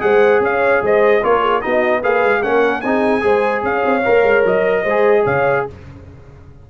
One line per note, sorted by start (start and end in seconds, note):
0.00 0.40 G#3
0.00 1.21 G#4
0.00 0.44 C5
0.00 0.41 F#5
0.40 0.80 C#4
0.40 0.84 C#5
0.40 0.85 F5
0.82 1.23 G#3
0.82 1.24 C5
0.82 1.24 D#5
1.23 1.64 A#3
1.23 1.62 F4
1.23 1.41 A#4
1.23 1.61 C#5
1.41 1.61 G#4
1.61 2.04 B3
1.61 2.02 D#4
1.61 2.01 F#4
1.61 2.02 D#5
2.01 2.24 A#3
2.01 2.43 G#4
2.01 2.41 B4
2.01 2.43 F5
2.24 2.44 G#3
2.43 2.84 A#3
2.43 2.83 C#4
2.43 2.83 A#4
2.43 2.81 F#5
2.81 3.24 C4
2.81 3.21 D#4
2.81 3.24 G#4
2.81 3.62 G#5
3.21 3.63 G#3
3.21 4.02 G#4
3.21 3.64 C5
3.63 3.83 C#4
3.63 4.83 C#5
3.63 4.45 F5
3.85 4.05 C4
4.05 4.23 A#3
4.05 4.85 A#4
4.23 4.44 G#3
4.45 4.85 F#3
4.45 5.26 D#5
4.83 5.25 G#3
4.83 5.23 C5
4.90 5.70 G#4
5.24 5.67 C#3
5.24 5.65 C#5
5.24 5.66 F5